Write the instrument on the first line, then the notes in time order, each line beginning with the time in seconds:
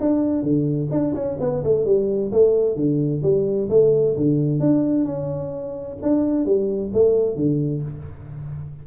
tuba
0.00 D4
0.42 D3
0.91 D4
1.14 C#4
1.40 B3
1.63 A3
1.85 G3
2.32 A3
2.75 D3
3.22 G3
3.69 A3
4.16 D3
4.59 D4
5.05 C#4
6.02 D4
6.45 G3
6.93 A3
7.36 D3